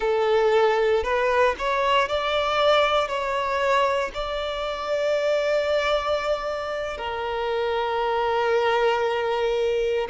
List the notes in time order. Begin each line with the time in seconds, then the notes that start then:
0.00 A4
1.03 B4
1.58 C#5
2.08 D5
3.08 C#5
4.14 D5
6.97 A#4